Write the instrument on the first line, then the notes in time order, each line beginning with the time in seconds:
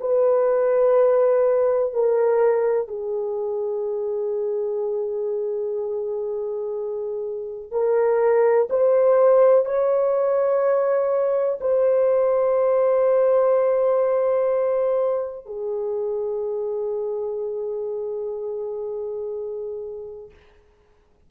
horn
0.00 B4
1.93 A#4
2.88 G#4
7.72 A#4
8.70 C5
9.65 C#5
11.60 C5
15.46 G#4